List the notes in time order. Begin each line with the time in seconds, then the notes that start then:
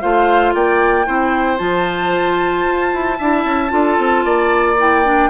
0.00 A3 F4 C5 F5
0.54 A#3 D5 G5
1.05 C4 E4 C5
1.58 F3 F4 A5
2.65 F4
2.93 E4
3.18 D4 E4 E5
3.45 C#4
3.69 D4 F4 A4
3.98 C4
4.25 A#3 D5
4.78 E4 G5
5.04 D4